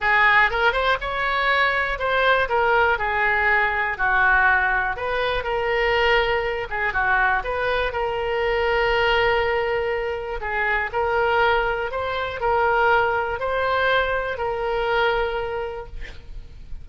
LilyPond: \new Staff \with { instrumentName = "oboe" } { \time 4/4 \tempo 4 = 121 gis'4 ais'8 c''8 cis''2 | c''4 ais'4 gis'2 | fis'2 b'4 ais'4~ | ais'4. gis'8 fis'4 b'4 |
ais'1~ | ais'4 gis'4 ais'2 | c''4 ais'2 c''4~ | c''4 ais'2. | }